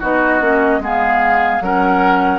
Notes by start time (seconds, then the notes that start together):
0.00 B3 D#4 F#4 D#5
0.41 A#3 C#4
0.79 G#3 B3 G#4 F5
1.61 F#3 C#4 A#4 F#5